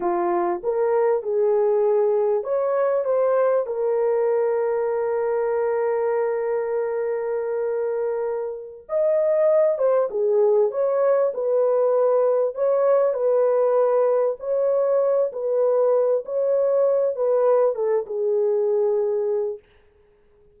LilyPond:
\new Staff \with { instrumentName = "horn" } { \time 4/4 \tempo 4 = 98 f'4 ais'4 gis'2 | cis''4 c''4 ais'2~ | ais'1~ | ais'2~ ais'8 dis''4. |
c''8 gis'4 cis''4 b'4.~ | b'8 cis''4 b'2 cis''8~ | cis''4 b'4. cis''4. | b'4 a'8 gis'2~ gis'8 | }